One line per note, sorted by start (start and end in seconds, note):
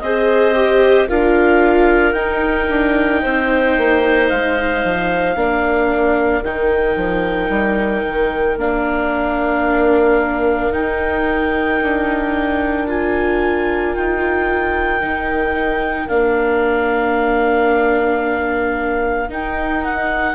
0.00 1.08 C4
0.00 0.55 G#4
0.00 1.09 C5
0.00 1.07 D#5
0.55 1.08 G4
1.09 2.14 D4
1.09 2.14 F4
1.09 3.22 A#4
1.09 2.13 F5
2.13 2.67 D#4
2.13 5.35 D#4
2.13 4.27 G5
2.69 3.23 D4
3.22 3.78 C4
3.22 5.37 C5
3.78 4.31 A#3
4.29 4.84 G#3
4.29 6.43 F5
4.84 5.36 F3
5.36 6.43 A#3
5.36 6.44 D4
5.36 20.35 A#4
6.43 6.96 D#3
6.43 8.59 D#4
6.43 8.58 G5
6.96 7.49 F3
7.49 8.03 G3
8.08 8.57 D#3
8.57 10.71 A#3
8.57 10.73 D4
8.57 10.73 F5
10.73 12.87 D#4
10.73 11.80 D#4
10.73 12.87 G5
11.83 13.97 D4
12.87 15.01 F4
12.87 13.96 G#5
13.96 15.02 D#4
13.96 16.08 G5
15.01 16.09 D#3
15.01 16.08 D#4
16.08 19.30 A#3
16.08 19.29 D4
16.08 19.30 F5
19.29 20.35 D#4
19.29 19.84 G5
19.84 20.35 F#5